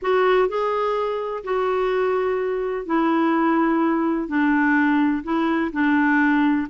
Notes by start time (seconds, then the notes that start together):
0.02 F#4
0.48 G#4
1.44 F#4
2.86 E4
4.27 D4
5.23 E4
5.72 D4